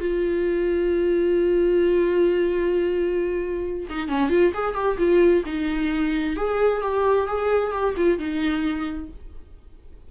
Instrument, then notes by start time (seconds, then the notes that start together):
viola
0.00 F4
3.90 D#4
4.09 C#4
4.30 F4
4.54 G#4
4.75 G4
4.98 F4
5.46 D#4
6.37 G#4
6.82 G4
7.27 G#4
7.72 G4
7.97 F4
8.19 D#4